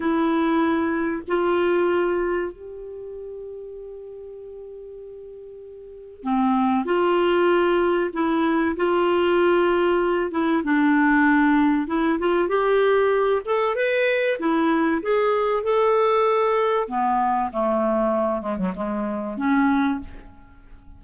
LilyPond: \new Staff \with { instrumentName = "clarinet" } { \time 4/4 \tempo 4 = 96 e'2 f'2 | g'1~ | g'2 c'4 f'4~ | f'4 e'4 f'2~ |
f'8 e'8 d'2 e'8 f'8 | g'4. a'8 b'4 e'4 | gis'4 a'2 b4 | a4. gis16 fis16 gis4 cis'4 | }